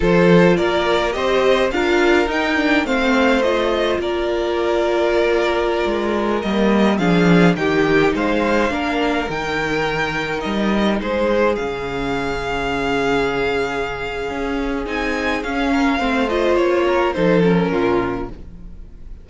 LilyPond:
<<
  \new Staff \with { instrumentName = "violin" } { \time 4/4 \tempo 4 = 105 c''4 d''4 dis''4 f''4 | g''4 f''4 dis''4 d''4~ | d''2.~ d''16 dis''8.~ | dis''16 f''4 g''4 f''4.~ f''16~ |
f''16 g''2 dis''4 c''8.~ | c''16 f''2.~ f''8.~ | f''2 gis''4 f''4~ | f''8 dis''8 cis''4 c''8 ais'4. | }
  \new Staff \with { instrumentName = "violin" } { \time 4/4 a'4 ais'4 c''4 ais'4~ | ais'4 c''2 ais'4~ | ais'1~ | ais'16 gis'4 g'4 c''4 ais'8.~ |
ais'2.~ ais'16 gis'8.~ | gis'1~ | gis'2.~ gis'8 ais'8 | c''4. ais'8 a'4 f'4 | }
  \new Staff \with { instrumentName = "viola" } { \time 4/4 f'2 g'4 f'4 | dis'8 d'8 c'4 f'2~ | f'2.~ f'16 ais8.~ | ais16 d'4 dis'2 d'8.~ |
d'16 dis'2.~ dis'8.~ | dis'16 cis'2.~ cis'8.~ | cis'2 dis'4 cis'4 | c'8 f'4. dis'8 cis'4. | }
  \new Staff \with { instrumentName = "cello" } { \time 4/4 f4 ais4 c'4 d'4 | dis'4 a2 ais4~ | ais2~ ais16 gis4 g8.~ | g16 f4 dis4 gis4 ais8.~ |
ais16 dis2 g4 gis8.~ | gis16 cis2.~ cis8.~ | cis4 cis'4 c'4 cis'4 | a4 ais4 f4 ais,4 | }
>>